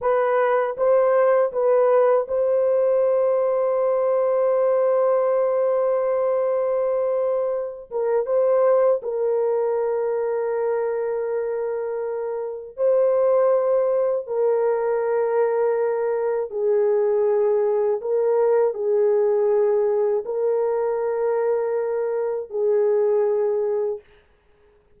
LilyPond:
\new Staff \with { instrumentName = "horn" } { \time 4/4 \tempo 4 = 80 b'4 c''4 b'4 c''4~ | c''1~ | c''2~ c''8 ais'8 c''4 | ais'1~ |
ais'4 c''2 ais'4~ | ais'2 gis'2 | ais'4 gis'2 ais'4~ | ais'2 gis'2 | }